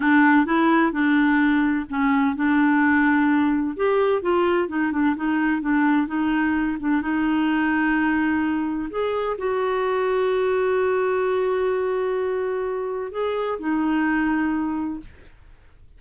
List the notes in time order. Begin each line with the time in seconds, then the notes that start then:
0.00 D4
0.45 E4
0.92 D4
1.89 C#4
2.35 D4
3.76 G4
4.22 F4
4.68 D#4
4.92 D4
5.15 D#4
5.61 D4
6.07 D#4
6.79 D4
7.01 D#4
8.90 G#4
9.37 F#4
13.11 G#4
13.59 D#4